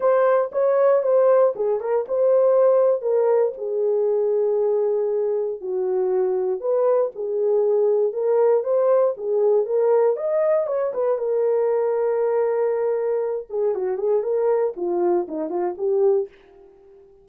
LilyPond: \new Staff \with { instrumentName = "horn" } { \time 4/4 \tempo 4 = 118 c''4 cis''4 c''4 gis'8 ais'8 | c''2 ais'4 gis'4~ | gis'2. fis'4~ | fis'4 b'4 gis'2 |
ais'4 c''4 gis'4 ais'4 | dis''4 cis''8 b'8 ais'2~ | ais'2~ ais'8 gis'8 fis'8 gis'8 | ais'4 f'4 dis'8 f'8 g'4 | }